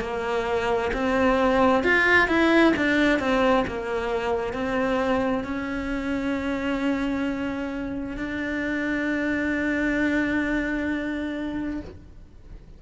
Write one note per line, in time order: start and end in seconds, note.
0.00 0.91 A#3
0.93 1.84 C4
1.84 2.28 F4
2.28 2.74 E4
2.76 3.19 D4
3.19 3.65 C4
3.67 4.53 A#3
4.53 5.44 C4
5.44 8.17 C#4
8.17 11.80 D4